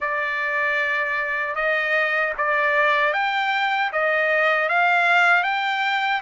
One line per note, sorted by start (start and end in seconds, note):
0.00 1.55 D5
1.55 2.33 D#5
2.37 3.13 D5
3.13 3.91 G5
3.92 4.69 D#5
4.69 5.43 F5
5.43 6.21 G5